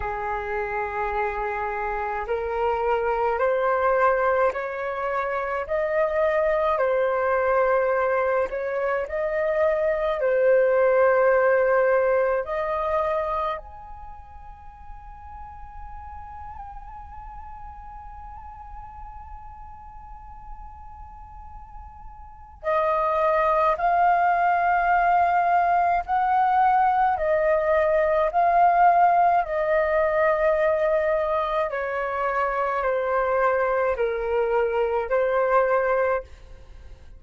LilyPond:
\new Staff \with { instrumentName = "flute" } { \time 4/4 \tempo 4 = 53 gis'2 ais'4 c''4 | cis''4 dis''4 c''4. cis''8 | dis''4 c''2 dis''4 | gis''1~ |
gis''1 | dis''4 f''2 fis''4 | dis''4 f''4 dis''2 | cis''4 c''4 ais'4 c''4 | }